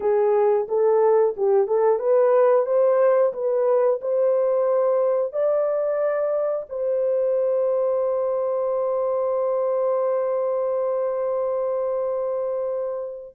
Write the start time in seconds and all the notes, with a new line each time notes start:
0.00 G#4
0.68 A4
1.36 G4
1.67 A4
1.99 B4
2.65 C5
3.33 B4
4.01 C5
5.32 D5
6.68 C5